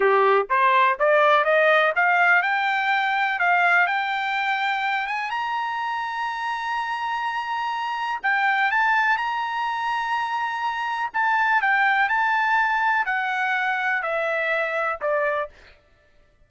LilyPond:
\new Staff \with { instrumentName = "trumpet" } { \time 4/4 \tempo 4 = 124 g'4 c''4 d''4 dis''4 | f''4 g''2 f''4 | g''2~ g''8 gis''8 ais''4~ | ais''1~ |
ais''4 g''4 a''4 ais''4~ | ais''2. a''4 | g''4 a''2 fis''4~ | fis''4 e''2 d''4 | }